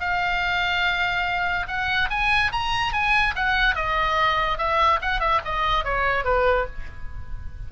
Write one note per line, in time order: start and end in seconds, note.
0.00 1.67 F5
1.67 2.09 F#5
2.10 2.52 G#5
2.52 2.93 A#5
2.93 3.34 G#5
3.35 3.75 F#5
3.75 4.58 D#5
4.58 4.99 E5
5.01 5.20 F#5
5.20 5.41 E5
5.45 5.84 D#5
5.84 6.24 C#5
6.24 6.66 B4